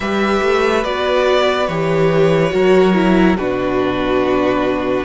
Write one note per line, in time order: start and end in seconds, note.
0.00 0.41 G3
0.00 0.83 G4
0.00 2.53 B4
0.00 0.84 E5
0.42 0.84 A3
0.83 1.68 B3
0.83 1.67 F#4
0.83 1.67 D5
1.67 2.52 E3
1.67 2.49 G4
1.67 3.36 C#5
2.49 3.37 F#3
2.49 2.92 F#4
2.49 3.37 A#4
2.94 3.36 E4
3.37 5.04 B2
3.37 5.04 D4
3.37 5.04 F#4
3.37 5.04 B4